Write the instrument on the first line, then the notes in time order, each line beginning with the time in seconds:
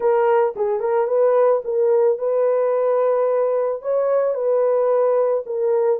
horn
0.00 A#4
0.56 G#4
0.80 A#4
1.07 B4
1.64 A#4
2.18 B4
3.82 C#5
4.34 B4
5.46 A#4